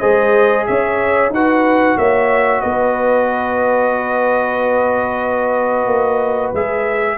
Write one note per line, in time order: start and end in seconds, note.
0.00 0.68 G#3
0.00 1.31 G#4
0.00 0.65 C5
0.00 0.66 D#5
0.67 1.30 C#4
0.67 1.34 C#5
0.67 1.32 E5
1.30 1.95 D#4
1.30 6.56 F#4
1.30 1.99 B4
1.30 1.98 F#5
1.97 2.62 A#3
1.97 2.62 C#5
1.97 2.62 E5
2.62 5.87 B3
2.62 7.18 B4
2.62 6.53 D#5
5.87 6.52 A#3
6.54 7.19 G#3
6.54 7.19 G#4
6.54 7.19 E5